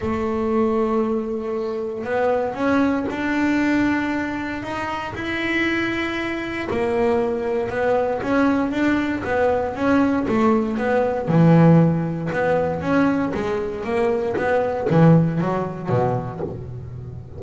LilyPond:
\new Staff \with { instrumentName = "double bass" } { \time 4/4 \tempo 4 = 117 a1 | b4 cis'4 d'2~ | d'4 dis'4 e'2~ | e'4 ais2 b4 |
cis'4 d'4 b4 cis'4 | a4 b4 e2 | b4 cis'4 gis4 ais4 | b4 e4 fis4 b,4 | }